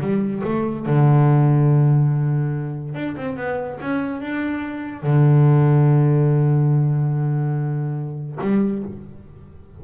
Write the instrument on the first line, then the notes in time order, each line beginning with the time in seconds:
double bass
0.00 G3
0.44 A3
0.85 D3
2.94 D4
3.16 C4
3.36 B3
3.80 C#4
4.20 D4
5.02 D3
8.41 G3